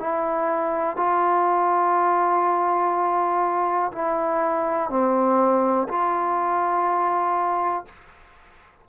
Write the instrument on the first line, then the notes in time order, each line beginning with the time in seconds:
trombone
0.00 E4
0.97 F4
3.93 E4
4.90 C4
5.89 F4